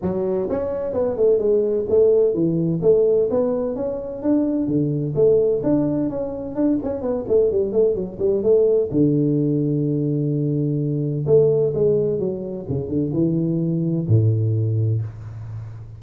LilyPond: \new Staff \with { instrumentName = "tuba" } { \time 4/4 \tempo 4 = 128 fis4 cis'4 b8 a8 gis4 | a4 e4 a4 b4 | cis'4 d'4 d4 a4 | d'4 cis'4 d'8 cis'8 b8 a8 |
g8 a8 fis8 g8 a4 d4~ | d1 | a4 gis4 fis4 cis8 d8 | e2 a,2 | }